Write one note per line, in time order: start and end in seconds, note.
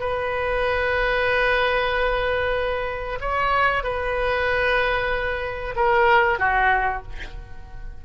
0.00 3.19 B4
3.21 3.84 C#5
3.84 5.75 B4
5.76 6.39 A#4
6.39 7.03 F#4